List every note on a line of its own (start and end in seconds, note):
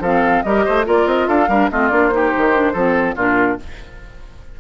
0.00 0.42 F3
0.00 0.46 C4
0.00 0.43 A4
0.00 0.43 F5
0.43 0.66 G3
0.43 0.85 G4
0.43 0.65 A#4
0.43 0.85 D#5
0.65 0.87 A3
0.65 0.86 C5
0.85 1.06 A#3
0.85 1.48 F4
0.85 1.28 A#4
0.85 1.07 D5
1.06 1.27 C4
1.06 1.28 D#5
1.28 1.49 D4
1.28 1.49 A4
1.28 1.70 F5
1.49 1.70 G3
1.49 1.71 D4
1.49 1.70 A#4
1.71 1.91 A3
1.71 1.91 C4
1.71 2.14 F4
1.71 1.89 D#5
1.89 2.33 A#3
1.89 2.11 D4
1.89 2.08 D5
2.08 2.53 D#4
2.08 3.13 C5
2.15 2.73 G4
2.37 2.74 D#3
2.54 2.75 D4
2.73 3.16 F3
2.73 3.17 C4
2.73 3.15 A4
3.15 3.59 A#2
3.15 3.59 D4
3.15 3.57 F4
3.15 3.60 A#4